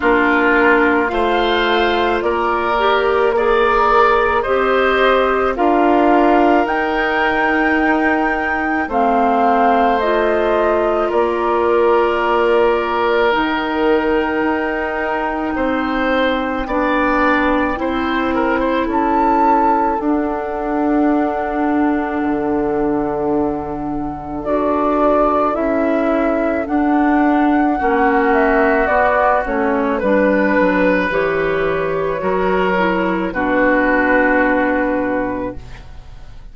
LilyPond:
<<
  \new Staff \with { instrumentName = "flute" } { \time 4/4 \tempo 4 = 54 ais'4 f''4 d''4 ais'4 | dis''4 f''4 g''2 | f''4 dis''4 d''2 | g''1~ |
g''4 a''4 fis''2~ | fis''2 d''4 e''4 | fis''4. e''8 d''8 cis''8 b'4 | cis''2 b'2 | }
  \new Staff \with { instrumentName = "oboe" } { \time 4/4 f'4 c''4 ais'4 d''4 | c''4 ais'2. | c''2 ais'2~ | ais'2 c''4 d''4 |
c''8 ais'16 c''16 a'2.~ | a'1~ | a'4 fis'2 b'4~ | b'4 ais'4 fis'2 | }
  \new Staff \with { instrumentName = "clarinet" } { \time 4/4 d'4 f'4. g'8 gis'4 | g'4 f'4 dis'2 | c'4 f'2. | dis'2. d'4 |
e'2 d'2~ | d'2 fis'4 e'4 | d'4 cis'4 b8 cis'8 d'4 | g'4 fis'8 e'8 d'2 | }
  \new Staff \with { instrumentName = "bassoon" } { \time 4/4 ais4 a4 ais2 | c'4 d'4 dis'2 | a2 ais2 | dis4 dis'4 c'4 b4 |
c'4 cis'4 d'2 | d2 d'4 cis'4 | d'4 ais4 b8 a8 g8 fis8 | e4 fis4 b,2 | }
>>